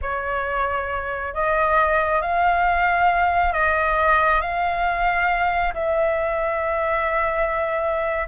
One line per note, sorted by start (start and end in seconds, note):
0.01 1.34 C#5
1.34 2.21 D#5
2.21 3.53 F5
3.53 4.41 D#5
4.41 5.73 F5
5.74 8.27 E5